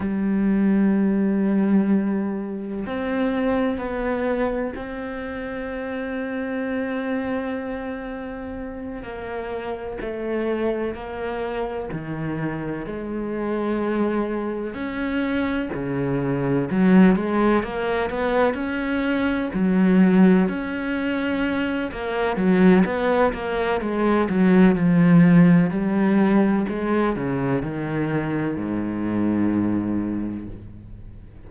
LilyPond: \new Staff \with { instrumentName = "cello" } { \time 4/4 \tempo 4 = 63 g2. c'4 | b4 c'2.~ | c'4. ais4 a4 ais8~ | ais8 dis4 gis2 cis'8~ |
cis'8 cis4 fis8 gis8 ais8 b8 cis'8~ | cis'8 fis4 cis'4. ais8 fis8 | b8 ais8 gis8 fis8 f4 g4 | gis8 cis8 dis4 gis,2 | }